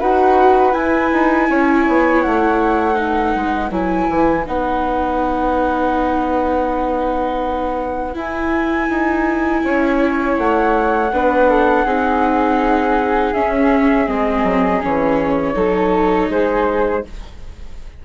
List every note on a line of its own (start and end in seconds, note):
0.00 0.73 D#4
0.00 0.72 F#4
0.00 1.48 B4
0.00 0.73 F#5
0.72 2.94 E4
0.72 1.10 E4
0.72 2.22 G#5
1.13 1.50 D#4
1.50 1.87 C#4
1.50 2.97 C#5
1.88 2.25 B3
2.22 3.35 A3
2.22 3.70 F#5
2.94 3.69 D#4
2.94 9.64 B4
3.35 3.70 G#3
3.70 4.07 F#3
3.70 4.46 E4
3.70 4.46 G#5
4.09 4.46 E3
4.46 8.15 B3
4.46 8.14 D#4
4.46 8.17 F#5
8.14 11.10 E4
8.14 8.89 E4
8.14 10.38 G#5
8.89 9.63 D#4
9.63 10.37 C#4
9.63 11.12 C#5
10.38 11.12 A3
10.38 13.34 F#5
11.12 11.85 B3
11.12 11.86 D4
11.12 11.50 B4
11.50 11.85 A4
11.85 13.33 C4
11.85 13.34 D#4
11.85 15.55 G#4
13.34 14.06 C#4
13.34 14.08 C#4
13.34 14.08 E5
14.06 14.43 G#3
14.06 14.81 C4
14.06 14.82 D#5
14.43 14.80 F#3
14.81 15.55 E3
14.81 15.54 C#4
14.81 16.31 C#5
15.54 16.29 F#3
15.54 17.02 D#4
15.54 16.30 A4
16.29 17.03 G#3
16.29 17.05 G#4
16.29 17.05 C5